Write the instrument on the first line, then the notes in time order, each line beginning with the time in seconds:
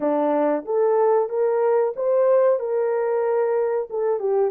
horn
0.00 D4
0.65 A4
1.29 A#4
1.96 C5
2.59 A#4
3.90 A4
4.19 G4